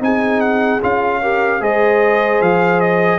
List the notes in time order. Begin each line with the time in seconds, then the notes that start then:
0.00 C4 D#4 G#4 G#5
0.41 F#5
0.82 C#4 F4 F5
1.22 G4 A#4
1.61 G#3 G#4 C5 D#5
2.41 F3 F5
2.80 D#5